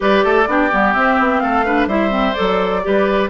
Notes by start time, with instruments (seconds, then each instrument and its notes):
0.00 bassoon G3, clarinet G4, oboe B4, flute D5
0.24 bassoon A3, oboe A4
0.47 bassoon B3, clarinet D4, oboe G4
0.71 bassoon G3, clarinet B3
0.93 clarinet C4, bassoon C4, flute E5
1.19 bassoon B3
1.39 bassoon A3, oboe A4, flute F5
1.65 clarinet D4, oboe B4
1.86 bassoon G3, clarinet E4, oboe C5, flute E5
2.09 clarinet C4
2.33 bassoon F#3, clarinet A4, flute D5
2.82 bassoon G3, clarinet G4, oboe B4